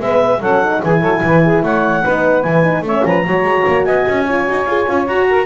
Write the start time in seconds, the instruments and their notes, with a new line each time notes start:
0.00 double bass G#3, horn B3, saxophone B4, clarinet E5
0.40 double bass F#3, horn C#4, saxophone A4, clarinet F#5
0.63 horn D#4
0.82 double bass E3, horn E4, saxophone G#4, clarinet G#5
1.01 double bass F#3, saxophone A4
1.23 double bass E3, saxophone B4
1.44 saxophone G#4
1.63 double bass A3, saxophone C#5, clarinet F#5
2.02 double bass B3, horn D#4, saxophone B4
2.43 double bass E3, horn E4, clarinet G#5
2.63 horn D#4
2.82 double bass A3, horn C#4, saxophone C#5, clarinet E5
3.05 double bass F3, saxophone B4, clarinet A#5
3.27 double bass F#3, horn F#4, saxophone C#5
3.43 double bass G#3
3.67 double bass A#3
3.85 double bass B3, saxophone D#5, clarinet G#5
4.08 double bass C#4
4.25 horn F4, saxophone C#5
4.46 double bass D#4, horn F#4
4.66 double bass F4, horn G#4
4.88 double bass C#4, horn F4
5.07 double bass F#4, horn F#4, clarinet A#5
5.30 saxophone A#4